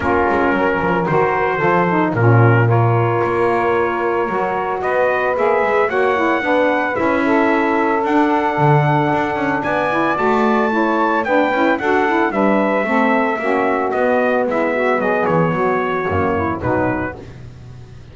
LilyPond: <<
  \new Staff \with { instrumentName = "trumpet" } { \time 4/4 \tempo 4 = 112 ais'2 c''2 | ais'4 cis''2.~ | cis''4 dis''4 e''4 fis''4~ | fis''4 e''2 fis''4~ |
fis''2 gis''4 a''4~ | a''4 g''4 fis''4 e''4~ | e''2 dis''4 e''4 | dis''8 cis''2~ cis''8 b'4 | }
  \new Staff \with { instrumentName = "saxophone" } { \time 4/4 f'4 ais'2 a'4 | f'4 ais'2.~ | ais'4 b'2 cis''4 | b'4. a'2~ a'8~ |
a'2 d''2 | cis''4 b'4 a'4 b'4 | a'4 fis'2 e'8 fis'8 | gis'4 fis'4. e'8 dis'4 | }
  \new Staff \with { instrumentName = "saxophone" } { \time 4/4 cis'2 fis'4 f'8 dis'8 | cis'4 f'2. | fis'2 gis'4 fis'8 e'8 | d'4 e'2 d'4~ |
d'2~ d'8 e'8 fis'4 | e'4 d'8 e'8 fis'8 e'8 d'4 | c'4 cis'4 b2~ | b2 ais4 fis4 | }
  \new Staff \with { instrumentName = "double bass" } { \time 4/4 ais8 gis8 fis8 f8 dis4 f4 | ais,2 ais2 | fis4 b4 ais8 gis8 ais4 | b4 cis'2 d'4 |
d4 d'8 cis'8 b4 a4~ | a4 b8 cis'8 d'4 g4 | a4 ais4 b4 gis4 | fis8 e8 fis4 fis,4 b,4 | }
>>